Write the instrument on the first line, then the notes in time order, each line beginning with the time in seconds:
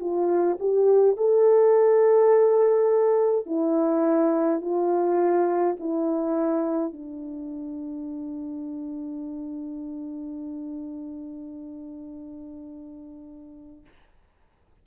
horn
0.00 F4
0.60 G4
1.16 A4
3.46 E4
4.61 F4
5.80 E4
6.93 D4